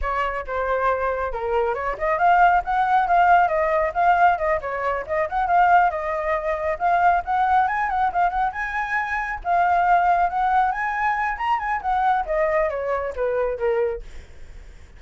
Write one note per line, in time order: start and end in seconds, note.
0.01 0.45 C#5
0.47 1.32 C5
1.32 1.74 A#4
1.74 1.96 C#5
1.97 2.18 D#5
2.18 2.62 F5
2.64 3.07 F#5
3.07 3.48 F5
3.48 3.92 D#5
3.94 4.38 F5
4.38 4.60 D#5
4.61 5.05 C#5
5.07 5.29 D#5
5.29 5.47 F#5
5.47 5.90 F5
5.90 6.77 D#5
6.79 7.22 F5
7.25 7.67 F#5
7.67 7.89 G#5
7.89 8.11 F#5
8.12 8.29 F5
8.29 8.51 F#5
8.52 9.39 G#5
9.44 10.29 F5
10.29 10.71 F#5
10.71 11.37 G#5
11.37 11.59 A#5
11.59 11.81 G#5
11.81 12.25 F#5
12.25 12.69 D#5
12.69 13.13 C#5
13.15 13.58 B4
13.58 14.01 A#4